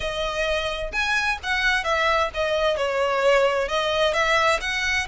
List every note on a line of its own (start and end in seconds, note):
0.00 0.91 D#5
0.92 1.38 G#5
1.43 1.83 F#5
1.83 2.30 E5
2.33 2.76 D#5
2.76 3.68 C#5
3.68 4.13 D#5
4.13 4.59 E5
4.60 5.07 F#5